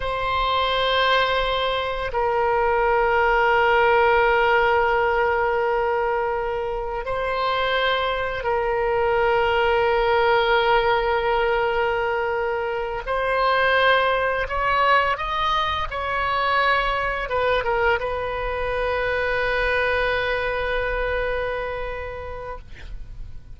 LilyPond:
\new Staff \with { instrumentName = "oboe" } { \time 4/4 \tempo 4 = 85 c''2. ais'4~ | ais'1~ | ais'2 c''2 | ais'1~ |
ais'2~ ais'8 c''4.~ | c''8 cis''4 dis''4 cis''4.~ | cis''8 b'8 ais'8 b'2~ b'8~ | b'1 | }